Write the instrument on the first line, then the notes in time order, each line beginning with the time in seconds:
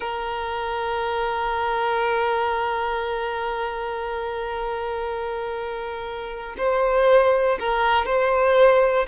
violin
0.00 A#4
6.57 C5
7.59 A#4
8.05 C5